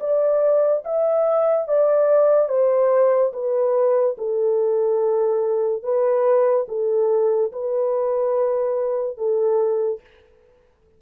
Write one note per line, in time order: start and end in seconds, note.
0.00 0.83 D5
0.84 1.68 E5
1.68 2.48 D5
2.48 3.32 C5
3.33 4.16 B4
4.18 5.83 A4
5.83 6.66 B4
6.68 7.52 A4
7.52 9.17 B4
9.17 10.00 A4